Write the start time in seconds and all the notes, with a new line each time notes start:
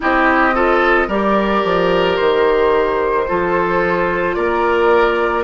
0.00 C4 E4 G4 D#5
0.53 F4 A4
1.07 G3 G4 A#4 D5
1.63 F3
2.16 D#3 C5
3.27 F3 F4 A4
4.34 A#3 A#4 D5